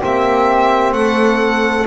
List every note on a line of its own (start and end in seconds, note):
0.00 0.92 A#3
0.00 1.86 C4
0.00 0.94 G4
0.00 0.93 E5
0.92 1.86 A3
0.92 1.86 A4
0.92 1.86 F#5